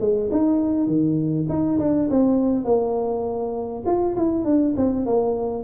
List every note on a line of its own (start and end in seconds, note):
0.00 0.30 G#3
0.31 0.87 D#4
0.87 1.46 D#3
1.49 1.78 D#4
1.79 2.09 D4
2.10 2.64 C4
2.64 3.83 A#3
3.86 4.16 F4
4.16 4.44 E4
4.44 4.74 D4
4.76 5.05 C4
5.05 5.63 A#3